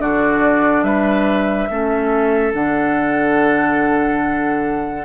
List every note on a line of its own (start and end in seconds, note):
0.00 0.83 D3
0.00 1.69 D4
0.00 0.85 F#4
0.00 0.84 D5
0.83 1.68 G3
0.83 1.69 B4
0.83 2.53 E5
1.70 2.54 A3
1.70 2.54 C#4
1.70 5.06 A4
2.54 5.06 D3
2.54 5.06 D4
2.54 5.06 F#5